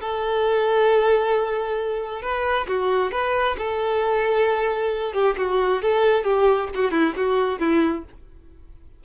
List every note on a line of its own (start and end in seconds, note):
0.00 2.22 A4
2.22 2.66 B4
2.67 3.11 F#4
3.11 3.56 B4
3.57 5.13 A4
5.13 5.35 G4
5.37 5.82 F#4
5.82 6.24 A4
6.24 6.68 G4
6.74 6.91 F#4
6.91 7.13 E4
7.16 7.59 F#4
7.59 8.04 E4